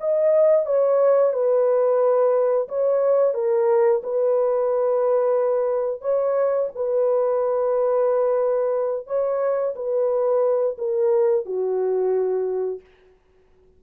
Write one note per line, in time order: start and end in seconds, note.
0.00 0.66 D#5
0.66 1.33 C#5
1.33 2.68 B4
2.68 3.34 C#5
3.34 4.01 A#4
4.03 6.01 B4
6.01 6.69 C#5
6.75 9.07 B4
9.07 9.74 C#5
9.76 10.77 B4
10.78 11.45 A#4
11.45 12.80 F#4